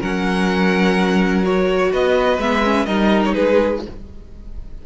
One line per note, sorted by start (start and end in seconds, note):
0.00 1.92 F#3
0.00 1.43 C#4
0.00 1.90 A#4
0.00 1.45 F#5
1.43 2.39 F#4
1.43 1.92 C#5
1.92 2.38 B3
1.92 2.86 B4
1.92 2.40 D#5
2.38 2.86 G#3
2.38 2.63 B3
2.38 2.85 E5
2.63 2.87 C#4
2.85 3.34 G3
2.85 3.83 D#4
2.85 3.34 A#4
2.85 3.21 D#5
3.25 3.34 C#5
3.34 3.86 G#3
3.34 3.81 G#4
3.34 3.81 B4